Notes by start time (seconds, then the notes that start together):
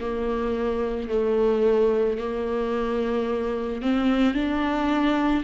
0.00 A#3
1.09 A3
2.18 A#3
3.82 C4
4.34 D4